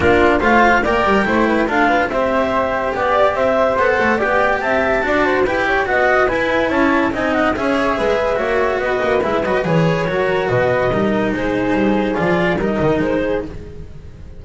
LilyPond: <<
  \new Staff \with { instrumentName = "clarinet" } { \time 4/4 \tempo 4 = 143 ais'4 f''4 g''2 | f''4 e''2 d''4 | e''4 fis''4 g''4 a''4~ | a''4 g''4 fis''4 gis''4 |
a''4 gis''8 fis''8 e''2~ | e''4 dis''4 e''8 dis''8 cis''4~ | cis''4 dis''2 c''4~ | c''4 d''4 dis''4 c''4 | }
  \new Staff \with { instrumentName = "flute" } { \time 4/4 f'4 c''4 d''4 c''8 b'8 | a'8 b'8 c''2 d''4 | c''2 d''4 e''4 | d''8 c''8 b'8 cis''8 dis''4 b'4 |
cis''4 dis''4 cis''4 b'4 | cis''4 b'2. | ais'4 b'4 ais'4 gis'4~ | gis'2 ais'4. gis'8 | }
  \new Staff \with { instrumentName = "cello" } { \time 4/4 d'4 f'4 ais'4 e'4 | f'4 g'2.~ | g'4 a'4 g'2 | fis'4 g'4 fis'4 e'4~ |
e'4 dis'4 gis'2 | fis'2 e'8 fis'8 gis'4 | fis'2 dis'2~ | dis'4 f'4 dis'2 | }
  \new Staff \with { instrumentName = "double bass" } { \time 4/4 ais4 a4 ais8 g8 a4 | d'4 c'2 b4 | c'4 b8 a8 b4 c'4 | d'4 e'4 b4 e'4 |
cis'4 c'4 cis'4 gis4 | ais4 b8 ais8 gis8 fis8 e4 | fis4 b,4 g4 gis4 | g4 f4 g8 dis8 gis4 | }
>>